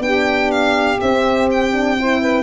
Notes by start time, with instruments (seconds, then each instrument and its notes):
0.00 tuba B3, horn D4, saxophone G4, violin G5
0.52 violin F5
0.99 horn C4, tuba C4, violin E5
1.52 violin G5
1.73 horn D4
1.99 horn E4, saxophone C5
2.21 saxophone B4